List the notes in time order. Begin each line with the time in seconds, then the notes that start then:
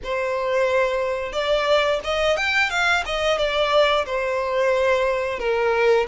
0.03 C5
1.32 D5
2.04 D#5
2.37 G5
2.70 F5
3.05 D#5
3.37 D5
4.05 C5
5.39 A#4